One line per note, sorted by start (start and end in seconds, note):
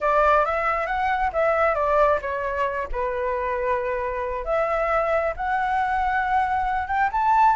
0.00 0.45 D5
0.45 0.86 E5
0.86 1.30 F#5
1.32 1.75 E5
1.75 2.19 D5
2.21 2.88 C#5
2.92 4.44 B4
4.44 5.33 E5
5.36 6.87 F#5
6.87 7.09 G5
7.12 7.56 A5